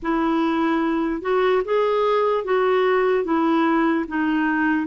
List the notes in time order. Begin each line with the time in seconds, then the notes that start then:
0.02 E4
1.21 F#4
1.64 G#4
2.44 F#4
3.24 E4
4.08 D#4